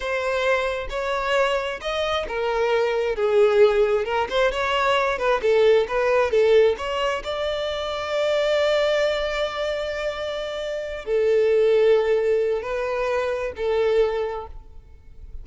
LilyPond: \new Staff \with { instrumentName = "violin" } { \time 4/4 \tempo 4 = 133 c''2 cis''2 | dis''4 ais'2 gis'4~ | gis'4 ais'8 c''8 cis''4. b'8 | a'4 b'4 a'4 cis''4 |
d''1~ | d''1~ | d''8 a'2.~ a'8 | b'2 a'2 | }